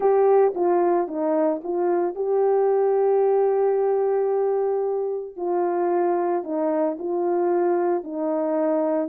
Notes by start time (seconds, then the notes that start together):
0.00 G4
0.55 F4
1.07 D#4
1.63 F4
2.15 G4
5.36 F4
6.43 D#4
6.98 F4
8.03 D#4